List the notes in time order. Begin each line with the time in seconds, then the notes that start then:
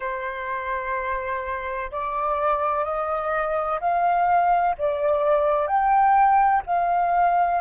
0.00 C5
1.90 D5
2.84 D#5
3.80 F5
4.77 D5
5.67 G5
6.66 F5